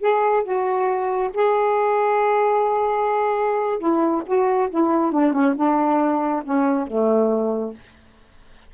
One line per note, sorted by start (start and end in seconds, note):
0.00 0.43 G#4
0.43 1.30 F#4
1.33 3.78 G#4
3.78 4.22 E4
4.25 4.69 F#4
4.70 5.12 E4
5.12 5.32 D4
5.32 5.54 C#4
5.56 6.42 D4
6.44 6.87 C#4
6.87 7.74 A3